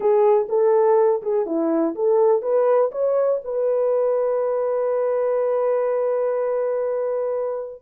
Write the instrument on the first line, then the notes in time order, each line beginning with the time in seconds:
horn
0.00 G#4
0.48 A4
1.22 G#4
1.46 E4
1.95 A4
2.42 B4
2.91 C#5
3.44 B4